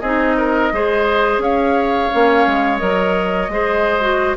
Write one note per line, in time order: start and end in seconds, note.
0.00 0.71 C4
0.00 0.73 D#4
0.00 0.36 G#4
0.00 1.40 D#5
0.37 0.72 A#4
0.72 1.38 G#3
0.72 2.11 G#4
0.72 1.43 C5
1.38 2.08 C#4
1.38 3.52 C#5
1.38 2.78 F5
2.11 2.46 A#3
2.11 2.79 C#4
2.46 2.81 G#3
2.78 3.48 F#3
2.78 3.49 A#4
2.78 4.35 D#5
3.48 4.35 G#3
3.48 4.01 G#4
3.48 4.37 C5
4.01 4.36 F#4